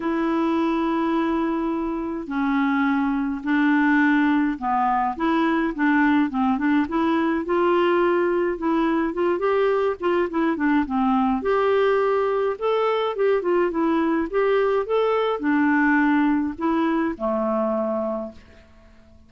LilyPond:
\new Staff \with { instrumentName = "clarinet" } { \time 4/4 \tempo 4 = 105 e'1 | cis'2 d'2 | b4 e'4 d'4 c'8 d'8 | e'4 f'2 e'4 |
f'8 g'4 f'8 e'8 d'8 c'4 | g'2 a'4 g'8 f'8 | e'4 g'4 a'4 d'4~ | d'4 e'4 a2 | }